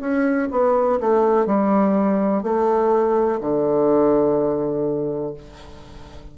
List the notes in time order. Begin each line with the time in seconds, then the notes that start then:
0.00 C#4
0.51 B3
1.00 A3
1.46 G3
2.43 A3
3.40 D3